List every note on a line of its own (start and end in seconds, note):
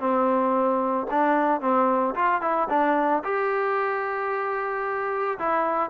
0.00 1.07 C4
1.11 1.61 D4
1.61 2.15 C4
2.15 2.42 F4
2.42 2.68 E4
2.70 3.23 D4
3.24 5.38 G4
5.39 5.90 E4